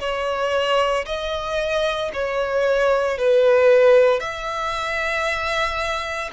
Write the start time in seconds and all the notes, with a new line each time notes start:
0.00 C#5
1.06 D#5
2.13 C#5
3.18 B4
4.20 E5